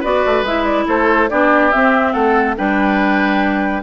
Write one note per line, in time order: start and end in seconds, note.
0.00 0.25 B3
0.00 0.46 F#4
0.00 0.85 B4
0.00 0.46 D5
0.26 0.42 A3
0.42 0.85 G#3
0.42 1.30 E4
0.42 0.64 E5
0.64 0.85 D5
0.87 1.30 A3
0.87 1.30 A4
0.87 1.29 C5
1.29 1.73 B3
1.29 1.72 D4
1.29 2.13 G4
1.29 1.71 D5
1.71 2.57 C4
1.71 2.14 C4
1.71 2.13 E5
2.13 2.57 A3
2.13 2.55 A4
2.13 2.55 F#5
2.57 3.83 G3
2.57 3.83 D4
2.57 3.83 B4
2.57 3.83 G5